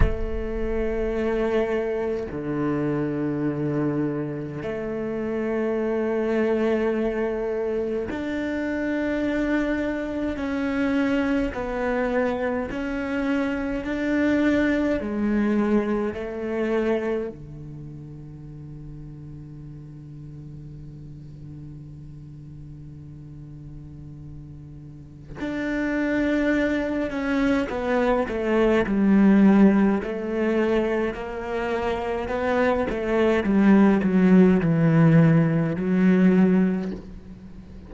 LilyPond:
\new Staff \with { instrumentName = "cello" } { \time 4/4 \tempo 4 = 52 a2 d2 | a2. d'4~ | d'4 cis'4 b4 cis'4 | d'4 gis4 a4 d4~ |
d1~ | d2 d'4. cis'8 | b8 a8 g4 a4 ais4 | b8 a8 g8 fis8 e4 fis4 | }